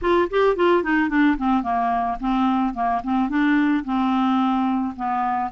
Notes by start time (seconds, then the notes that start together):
0.01 F4
0.30 G4
0.56 F4
0.83 D#4
1.09 D4
1.37 C4
1.62 A#3
2.19 C4
2.74 A#3
3.03 C4
3.29 D4
3.84 C4
4.95 B3